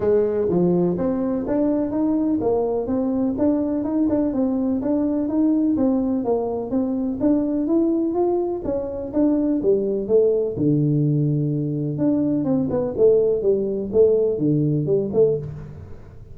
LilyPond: \new Staff \with { instrumentName = "tuba" } { \time 4/4 \tempo 4 = 125 gis4 f4 c'4 d'4 | dis'4 ais4 c'4 d'4 | dis'8 d'8 c'4 d'4 dis'4 | c'4 ais4 c'4 d'4 |
e'4 f'4 cis'4 d'4 | g4 a4 d2~ | d4 d'4 c'8 b8 a4 | g4 a4 d4 g8 a8 | }